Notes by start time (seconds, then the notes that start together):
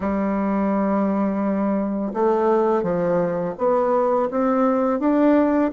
0.00 G3
2.13 A3
2.82 F3
3.57 B3
4.30 C4
4.99 D4